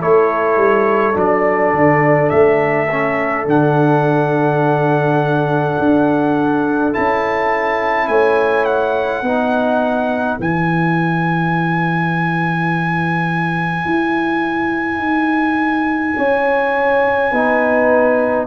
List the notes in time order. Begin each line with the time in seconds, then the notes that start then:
0.00 A3 E4 A4 C#5
0.56 G3
1.13 F#3 D4 D5
1.73 D3
2.29 A3 E5
2.91 C#4
3.46 D3 D4 F#5
5.79 D4
6.93 C#4 E4 A5
8.07 A3 C#5 G#5
8.65 F#5
9.22 B3 D#4 B4
10.38 E3 E4 G#5
13.85 E4
14.98 D#4
16.17 C#4 C#5
17.31 B3 D#4 B4